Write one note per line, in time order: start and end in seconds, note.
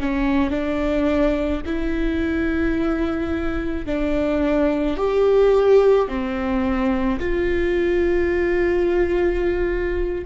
0.00 0.50 C#4
0.50 1.61 D4
1.66 3.86 E4
3.86 4.97 D4
4.97 6.08 G4
6.08 7.19 C4
7.20 10.25 F4